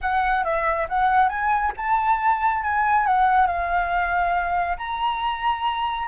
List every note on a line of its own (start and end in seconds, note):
0.01 0.43 F#5
0.43 0.87 E5
0.89 1.28 F#5
1.28 1.72 G#5
1.76 2.63 A5
2.63 3.06 G#5
3.06 3.46 F#5
3.46 4.77 F5
4.77 6.08 A#5